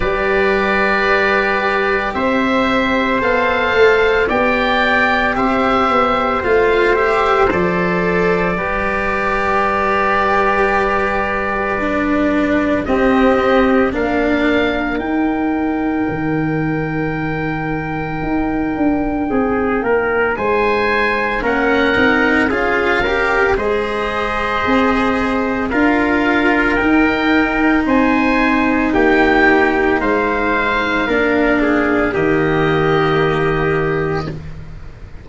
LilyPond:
<<
  \new Staff \with { instrumentName = "oboe" } { \time 4/4 \tempo 4 = 56 d''2 e''4 f''4 | g''4 e''4 f''8 e''8 d''4~ | d''1 | dis''4 f''4 g''2~ |
g''2. gis''4 | fis''4 f''4 dis''2 | f''4 g''4 gis''4 g''4 | f''2 dis''2 | }
  \new Staff \with { instrumentName = "trumpet" } { \time 4/4 b'2 c''2 | d''4 c''2. | b'1 | g'4 ais'2.~ |
ais'2 gis'8 ais'8 c''4 | ais'4 gis'8 ais'8 c''2 | ais'2 c''4 g'4 | c''4 ais'8 gis'8 g'2 | }
  \new Staff \with { instrumentName = "cello" } { \time 4/4 g'2. a'4 | g'2 f'8 g'8 a'4 | g'2. d'4 | c'4 d'4 dis'2~ |
dis'1 | cis'8 dis'8 f'8 g'8 gis'2 | f'4 dis'2.~ | dis'4 d'4 ais2 | }
  \new Staff \with { instrumentName = "tuba" } { \time 4/4 g2 c'4 b8 a8 | b4 c'8 b8 a4 f4 | g1 | c'4 ais4 dis'4 dis4~ |
dis4 dis'8 d'8 c'8 ais8 gis4 | ais8 c'8 cis'4 gis4 c'4 | d'4 dis'4 c'4 ais4 | gis4 ais4 dis2 | }
>>